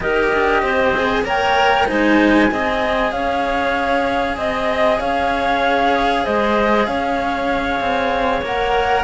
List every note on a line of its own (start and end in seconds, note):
0.00 0.32 D#4
0.00 0.94 G4
0.00 0.62 A#4
0.00 1.23 D#5
0.32 0.62 D4
0.62 1.23 C4
0.62 1.25 C5
0.95 1.24 G#4
1.23 1.86 A#3
1.23 1.86 A#4
1.23 1.87 C#5
1.23 1.88 G5
1.86 2.51 G#3
1.86 2.48 D#4
1.86 2.50 C5
1.86 3.11 G#5
2.50 3.12 C4
2.50 8.44 G#4
2.50 3.13 D#5
3.11 4.37 C#4
3.11 4.37 C#5
3.11 4.36 F5
4.37 4.99 C4
4.37 4.99 D#5
4.37 5.00 D#5
4.99 6.25 C#4
4.99 6.23 C#5
4.99 6.25 F5
6.23 6.87 G#3
6.23 6.86 C5
6.23 6.86 D#5
6.86 7.80 C#4
6.86 9.03 C#5
6.86 8.42 F5
7.80 8.41 C4
8.41 9.03 A#3
8.41 9.03 A#4
8.41 9.03 F#5